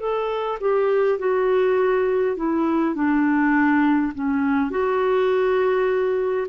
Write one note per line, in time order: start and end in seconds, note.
0.00 0.59 A4
0.60 1.19 G4
1.19 2.36 F#4
2.36 2.95 E4
2.95 4.13 D4
4.14 4.71 C#4
4.71 6.47 F#4